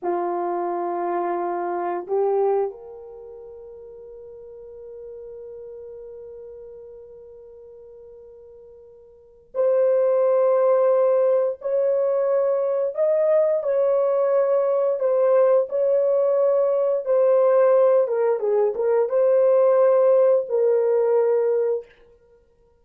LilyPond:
\new Staff \with { instrumentName = "horn" } { \time 4/4 \tempo 4 = 88 f'2. g'4 | ais'1~ | ais'1~ | ais'2 c''2~ |
c''4 cis''2 dis''4 | cis''2 c''4 cis''4~ | cis''4 c''4. ais'8 gis'8 ais'8 | c''2 ais'2 | }